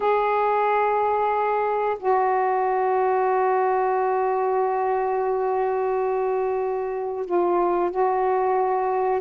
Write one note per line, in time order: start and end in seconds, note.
0.00 1.97 G#4
1.99 7.25 F#4
7.25 7.90 F4
7.90 9.20 F#4